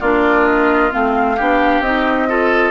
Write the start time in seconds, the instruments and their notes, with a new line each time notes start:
0.00 bassoon A#3, clarinet D4, oboe F4, flute D5
0.46 flute D#5
0.91 bassoon A3, clarinet C4, flute F5
1.37 bassoon B3, clarinet D4, oboe G4
1.80 bassoon C4, clarinet D#4, flute D#5
2.28 clarinet F4, oboe A4